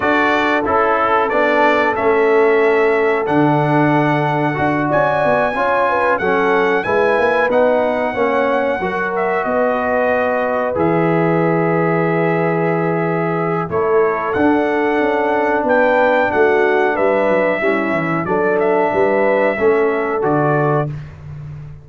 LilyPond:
<<
  \new Staff \with { instrumentName = "trumpet" } { \time 4/4 \tempo 4 = 92 d''4 a'4 d''4 e''4~ | e''4 fis''2~ fis''8 gis''8~ | gis''4. fis''4 gis''4 fis''8~ | fis''2 e''8 dis''4.~ |
dis''8 e''2.~ e''8~ | e''4 cis''4 fis''2 | g''4 fis''4 e''2 | d''8 e''2~ e''8 d''4 | }
  \new Staff \with { instrumentName = "horn" } { \time 4/4 a'1~ | a'2.~ a'8 d''8~ | d''8 cis''8 b'8 a'4 b'4.~ | b'8 cis''4 ais'4 b'4.~ |
b'1~ | b'4 a'2. | b'4 fis'4 b'4 e'4 | a'4 b'4 a'2 | }
  \new Staff \with { instrumentName = "trombone" } { \time 4/4 fis'4 e'4 d'4 cis'4~ | cis'4 d'2 fis'4~ | fis'8 f'4 cis'4 e'4 dis'8~ | dis'8 cis'4 fis'2~ fis'8~ |
fis'8 gis'2.~ gis'8~ | gis'4 e'4 d'2~ | d'2. cis'4 | d'2 cis'4 fis'4 | }
  \new Staff \with { instrumentName = "tuba" } { \time 4/4 d'4 cis'4 b4 a4~ | a4 d2 d'8 cis'8 | b8 cis'4 fis4 gis8 ais8 b8~ | b8 ais4 fis4 b4.~ |
b8 e2.~ e8~ | e4 a4 d'4 cis'4 | b4 a4 g8 fis8 g8 e8 | fis4 g4 a4 d4 | }
>>